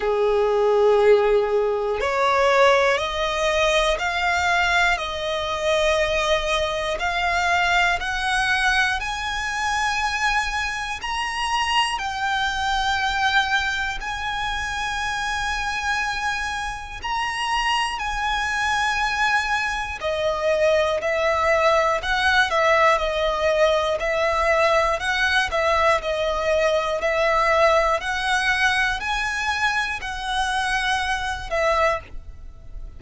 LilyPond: \new Staff \with { instrumentName = "violin" } { \time 4/4 \tempo 4 = 60 gis'2 cis''4 dis''4 | f''4 dis''2 f''4 | fis''4 gis''2 ais''4 | g''2 gis''2~ |
gis''4 ais''4 gis''2 | dis''4 e''4 fis''8 e''8 dis''4 | e''4 fis''8 e''8 dis''4 e''4 | fis''4 gis''4 fis''4. e''8 | }